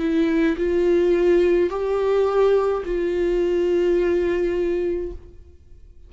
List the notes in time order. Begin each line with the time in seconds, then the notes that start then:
0.00 E4
0.57 F4
1.70 G4
2.86 F4